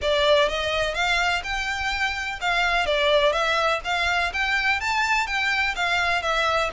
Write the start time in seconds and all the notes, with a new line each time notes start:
0.01 D5
0.48 D#5
0.94 F5
1.43 G5
2.40 F5
2.86 D5
3.32 E5
3.84 F5
4.33 G5
4.80 A5
5.26 G5
5.75 F5
6.22 E5